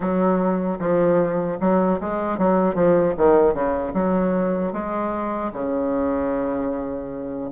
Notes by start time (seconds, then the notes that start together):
0.00 F#3
0.79 F3
1.60 F#3
2.00 G#3
2.38 F#3
2.75 F3
3.17 D#3
3.53 C#3
3.93 F#3
4.72 G#3
5.52 C#3